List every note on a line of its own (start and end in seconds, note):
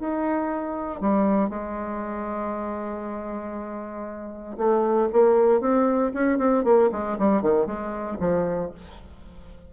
0.00 1.01 D#4
1.01 1.50 G3
1.50 4.57 G#3
4.58 5.09 A3
5.13 5.61 A#3
5.61 6.12 C4
6.14 6.39 C#4
6.39 6.64 C4
6.64 6.90 A#3
6.92 7.18 G#3
7.19 7.42 G3
7.42 7.67 D#3
7.67 8.18 G#3
8.20 8.72 F3